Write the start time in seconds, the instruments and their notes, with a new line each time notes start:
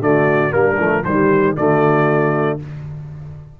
0.00 tuba D3, trombone A3, horn F#4, trumpet D5
0.51 tuba G3, trombone A#3, horn D4, trumpet A#4
0.78 tuba F3, trombone A3
1.04 tuba D#3, trombone G3, horn G4, trumpet C5
1.55 tuba D3, trombone A3, horn F#4, trumpet D5